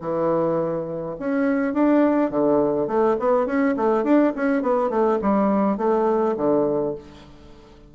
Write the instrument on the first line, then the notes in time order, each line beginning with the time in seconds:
bassoon
0.00 E3
1.19 C#4
1.73 D4
2.31 D3
2.87 A3
3.19 B3
3.46 C#4
3.76 A3
4.04 D4
4.36 C#4
4.62 B3
4.90 A3
5.22 G3
5.77 A3
6.37 D3